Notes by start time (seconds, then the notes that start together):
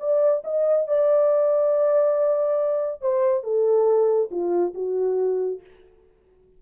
0.00 D5
0.44 D#5
0.88 D5
3.02 C5
3.44 A4
4.31 F4
4.74 F#4